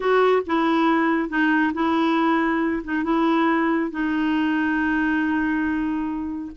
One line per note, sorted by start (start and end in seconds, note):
0.00 0.42 F#4
0.46 1.29 E4
1.29 1.72 D#4
1.73 2.82 E4
2.83 3.03 D#4
3.03 3.90 E4
3.90 6.51 D#4